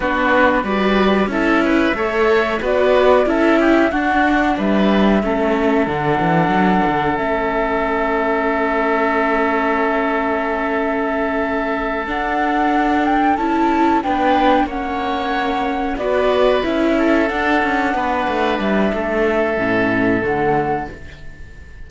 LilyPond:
<<
  \new Staff \with { instrumentName = "flute" } { \time 4/4 \tempo 4 = 92 b'4 d''4 e''2 | d''4 e''4 fis''4 e''4~ | e''4 fis''2 e''4~ | e''1~ |
e''2~ e''8 fis''4. | g''8 a''4 g''4 fis''4.~ | fis''8 d''4 e''4 fis''4.~ | fis''8 e''2~ e''8 fis''4 | }
  \new Staff \with { instrumentName = "oboe" } { \time 4/4 fis'4 b'4 a'8 b'8 cis''4 | b'4 a'8 g'8 fis'4 b'4 | a'1~ | a'1~ |
a'1~ | a'4. b'4 cis''4.~ | cis''8 b'4. a'4. b'8~ | b'4 a'2. | }
  \new Staff \with { instrumentName = "viola" } { \time 4/4 d'4 fis'4 e'4 a'4 | fis'4 e'4 d'2 | cis'4 d'2 cis'4~ | cis'1~ |
cis'2~ cis'8 d'4.~ | d'8 e'4 d'4 cis'4.~ | cis'8 fis'4 e'4 d'4.~ | d'2 cis'4 a4 | }
  \new Staff \with { instrumentName = "cello" } { \time 4/4 b4 g4 cis'4 a4 | b4 cis'4 d'4 g4 | a4 d8 e8 fis8 d8 a4~ | a1~ |
a2~ a8 d'4.~ | d'8 cis'4 b4 ais4.~ | ais8 b4 cis'4 d'8 cis'8 b8 | a8 g8 a4 a,4 d4 | }
>>